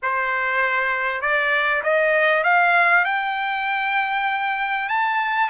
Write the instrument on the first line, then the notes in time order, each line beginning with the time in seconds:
trumpet
0.02 C5
1.21 D5
1.83 D#5
2.43 F5
3.04 G5
4.88 A5